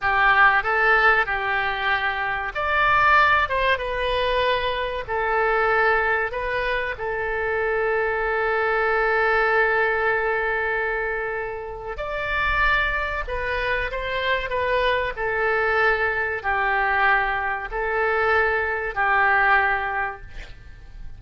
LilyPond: \new Staff \with { instrumentName = "oboe" } { \time 4/4 \tempo 4 = 95 g'4 a'4 g'2 | d''4. c''8 b'2 | a'2 b'4 a'4~ | a'1~ |
a'2. d''4~ | d''4 b'4 c''4 b'4 | a'2 g'2 | a'2 g'2 | }